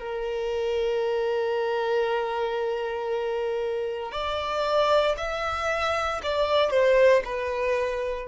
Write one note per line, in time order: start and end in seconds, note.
0.00 4.12 A#4
4.12 5.16 D5
5.18 6.22 E5
6.24 6.71 D5
6.71 7.23 C5
7.25 8.29 B4